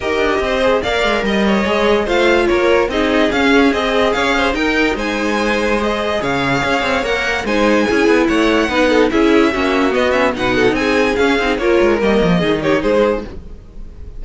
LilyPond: <<
  \new Staff \with { instrumentName = "violin" } { \time 4/4 \tempo 4 = 145 dis''2 f''4 dis''4~ | dis''4 f''4 cis''4 dis''4 | f''4 dis''4 f''4 g''4 | gis''2 dis''4 f''4~ |
f''4 fis''4 gis''2 | fis''2 e''2 | dis''8 e''8 fis''4 gis''4 f''4 | cis''4 dis''4. cis''8 c''4 | }
  \new Staff \with { instrumentName = "violin" } { \time 4/4 ais'4 c''4 d''4 dis''8 cis''8~ | cis''4 c''4 ais'4 gis'4~ | gis'2 cis''8 c''8 ais'4 | c''2. cis''4~ |
cis''2 c''4 gis'4 | cis''4 b'8 a'8 gis'4 fis'4~ | fis'4 b'8 a'8 gis'2 | ais'2 gis'8 g'8 gis'4 | }
  \new Staff \with { instrumentName = "viola" } { \time 4/4 g'4. gis'8 ais'2 | gis'4 f'2 dis'4 | cis'4 gis'2 dis'4~ | dis'2 gis'2~ |
gis'4 ais'4 dis'4 e'4~ | e'4 dis'4 e'4 cis'4 | b8 cis'8 dis'2 cis'8 dis'8 | f'4 ais4 dis'2 | }
  \new Staff \with { instrumentName = "cello" } { \time 4/4 dis'8 d'8 c'4 ais8 gis8 g4 | gis4 a4 ais4 c'4 | cis'4 c'4 cis'4 dis'4 | gis2. cis4 |
cis'8 c'8 ais4 gis4 cis'8 b8 | a4 b4 cis'4 ais4 | b4 b,4 c'4 cis'8 c'8 | ais8 gis8 g8 f8 dis4 gis4 | }
>>